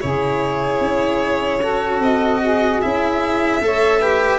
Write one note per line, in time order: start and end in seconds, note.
0.00 0.80 C#3
0.00 1.60 E4
0.00 1.61 G#4
0.00 2.01 C#5
0.80 2.00 C#4
1.61 2.82 F#4
1.61 2.41 A4
2.00 2.80 C4
2.00 2.81 D#5
2.42 3.62 G#4
2.81 3.61 C#4
2.81 3.62 E4
2.81 4.39 E5
3.61 4.39 A3
3.61 4.01 A4
3.61 3.98 C#5
3.98 4.39 G4
3.98 4.38 B4